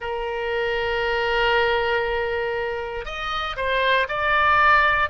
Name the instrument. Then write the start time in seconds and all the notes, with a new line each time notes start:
oboe
0.00 A#4
3.05 D#5
3.56 C5
4.08 D5